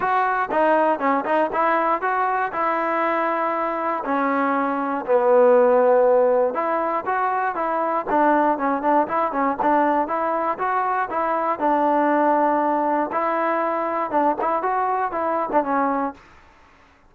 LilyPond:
\new Staff \with { instrumentName = "trombone" } { \time 4/4 \tempo 4 = 119 fis'4 dis'4 cis'8 dis'8 e'4 | fis'4 e'2. | cis'2 b2~ | b4 e'4 fis'4 e'4 |
d'4 cis'8 d'8 e'8 cis'8 d'4 | e'4 fis'4 e'4 d'4~ | d'2 e'2 | d'8 e'8 fis'4 e'8. d'16 cis'4 | }